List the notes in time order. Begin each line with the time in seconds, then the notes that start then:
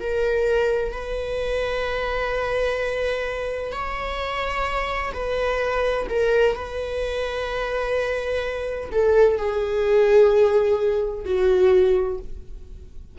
0.00 A#4
0.91 B4
3.72 C#5
5.13 B4
6.09 A#4
6.55 B4
8.91 A4
9.37 G#4
11.25 F#4